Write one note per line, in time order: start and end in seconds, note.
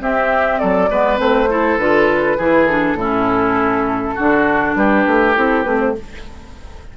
0.00 0.89 C4
0.00 0.60 C4
0.00 0.60 G4
0.00 0.59 E5
0.59 0.89 F#3
0.59 0.89 A4
0.59 1.18 D5
0.89 1.19 G#3
0.89 1.17 B3
0.89 1.50 B4
1.17 1.78 A3
1.17 1.47 C4
1.17 1.78 C5
1.50 1.79 E4
1.50 2.37 A4
1.78 2.37 D3
1.78 2.38 F4
1.78 2.66 B4
2.37 2.94 E3
2.37 2.68 E4
2.37 2.97 G#4
2.66 2.98 D4
2.66 4.74 A4
2.94 4.13 A2
2.94 4.17 C#4
2.94 4.15 E4
4.15 4.75 D3
4.15 5.35 D4
4.15 4.74 F#4
4.75 5.05 G3
4.75 5.97 G4
4.75 5.35 B4
5.07 5.36 A3
5.35 5.65 C4
5.35 5.65 E4
5.35 5.63 A4
5.63 5.95 A3
5.63 5.94 C4
5.63 5.78 B4
5.80 5.95 C5